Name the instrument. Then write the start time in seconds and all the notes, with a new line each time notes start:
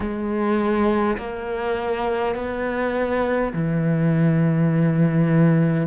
cello
0.00 G#3
1.17 A#3
2.35 B3
3.53 E3